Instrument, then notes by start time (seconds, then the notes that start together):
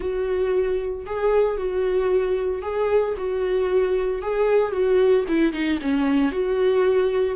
viola
0.00 F#4
1.06 G#4
1.57 F#4
2.62 G#4
3.17 F#4
4.22 G#4
4.72 F#4
5.28 E4
5.52 D#4
5.81 C#4
6.31 F#4